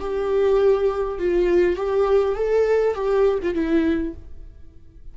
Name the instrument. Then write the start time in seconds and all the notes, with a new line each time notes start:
viola
0.00 G4
1.19 F4
1.76 G4
2.36 A4
2.95 G4
3.42 F4
3.54 E4